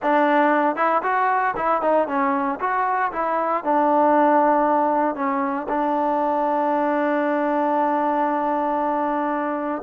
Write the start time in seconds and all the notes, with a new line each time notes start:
0.02 D4
0.76 E4
1.03 F#4
1.56 E4
1.81 D#4
2.07 C#4
2.60 F#4
3.12 E4
3.64 D4
5.15 C#4
5.68 D4